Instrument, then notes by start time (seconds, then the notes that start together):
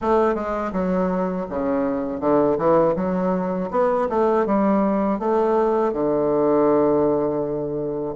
bassoon
0.01 A3
0.34 G#3
0.72 F#3
1.49 C#3
2.20 D3
2.58 E3
2.95 F#3
3.70 B3
4.09 A3
4.45 G3
5.19 A3
5.93 D3